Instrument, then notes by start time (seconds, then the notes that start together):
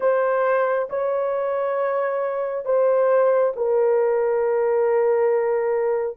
horn
0.00 C5
0.89 C#5
2.65 C5
3.55 A#4